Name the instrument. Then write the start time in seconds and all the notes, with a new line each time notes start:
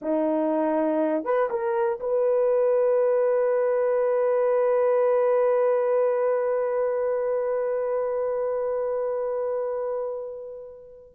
horn
0.01 D#4
1.24 B4
1.50 A#4
2.00 B4